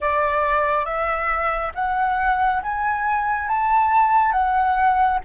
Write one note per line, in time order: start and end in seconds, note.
0.00 0.85 D5
0.85 1.72 E5
1.74 2.61 F#5
2.62 3.48 G#5
3.48 4.32 A5
4.32 5.19 F#5